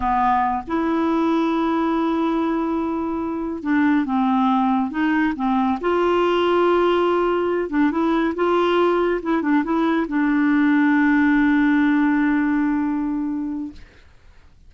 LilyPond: \new Staff \with { instrumentName = "clarinet" } { \time 4/4 \tempo 4 = 140 b4. e'2~ e'8~ | e'1~ | e'8 d'4 c'2 dis'8~ | dis'8 c'4 f'2~ f'8~ |
f'2 d'8 e'4 f'8~ | f'4. e'8 d'8 e'4 d'8~ | d'1~ | d'1 | }